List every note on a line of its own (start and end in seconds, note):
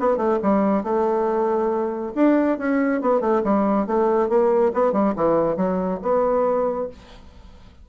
0.00 0.17 B3
0.17 0.39 A3
0.43 0.83 G3
0.83 2.13 A3
2.15 2.58 D4
2.58 3.01 C#4
3.02 3.21 B3
3.21 3.42 A3
3.44 3.87 G3
3.87 4.29 A3
4.29 4.72 A#3
4.74 4.92 B3
4.92 5.14 G3
5.16 5.57 E3
5.57 6.00 F#3
6.02 6.89 B3